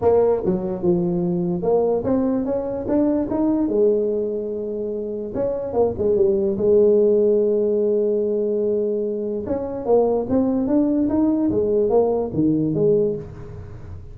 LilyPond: \new Staff \with { instrumentName = "tuba" } { \time 4/4 \tempo 4 = 146 ais4 fis4 f2 | ais4 c'4 cis'4 d'4 | dis'4 gis2.~ | gis4 cis'4 ais8 gis8 g4 |
gis1~ | gis2. cis'4 | ais4 c'4 d'4 dis'4 | gis4 ais4 dis4 gis4 | }